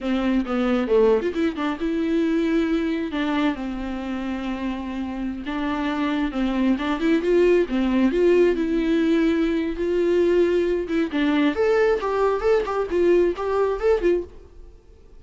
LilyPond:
\new Staff \with { instrumentName = "viola" } { \time 4/4 \tempo 4 = 135 c'4 b4 a8. f'16 e'8 d'8 | e'2. d'4 | c'1~ | c'16 d'2 c'4 d'8 e'16~ |
e'16 f'4 c'4 f'4 e'8.~ | e'2 f'2~ | f'8 e'8 d'4 a'4 g'4 | a'8 g'8 f'4 g'4 a'8 f'8 | }